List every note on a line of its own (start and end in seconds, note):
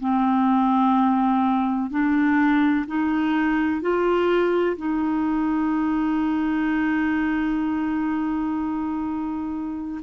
0.00 1.90 C4
1.90 2.86 D4
2.87 3.81 D#4
3.81 4.77 F4
4.77 10.01 D#4